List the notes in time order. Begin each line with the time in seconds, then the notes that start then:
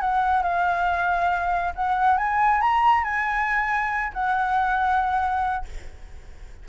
0.00 F#5
0.43 F5
1.75 F#5
2.17 G#5
2.61 A#5
3.04 G#5
4.13 F#5